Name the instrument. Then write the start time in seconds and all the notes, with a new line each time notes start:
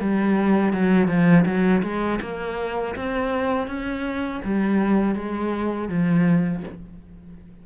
cello
0.00 G3
0.73 F#3
1.07 F3
1.45 F#3
1.82 G#3
2.21 A#3
2.96 C4
3.67 C#4
4.44 G3
5.15 G#3
5.89 F3